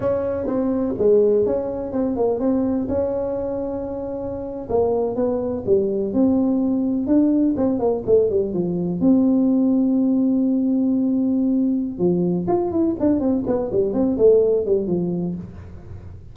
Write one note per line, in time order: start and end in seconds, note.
0.00 0.46 C#4
0.46 0.94 C4
0.98 1.45 G#3
1.45 1.92 C#4
1.92 2.16 C4
2.16 2.39 A#3
2.39 2.87 C4
2.88 4.68 C#4
4.69 5.15 A#3
5.15 5.63 B3
5.66 6.13 G3
6.13 7.07 C4
7.07 7.55 D4
7.56 7.79 C4
7.79 8.03 A#3
8.06 8.30 A3
8.30 8.53 G3
8.53 9.00 F3
9.00 11.98 C4
11.98 12.46 F3
12.47 12.71 F4
12.71 12.95 E4
12.99 13.20 D4
13.20 13.44 C4
13.46 13.70 B3
13.71 13.93 G3
13.93 14.17 C4
14.17 14.65 A3
14.65 14.87 G3
14.87 15.35 F3